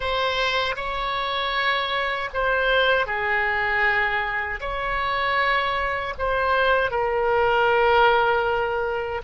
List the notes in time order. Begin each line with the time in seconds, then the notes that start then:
0.00 C5
0.76 C#5
2.33 C5
3.06 G#4
4.60 C#5
6.18 C5
6.91 A#4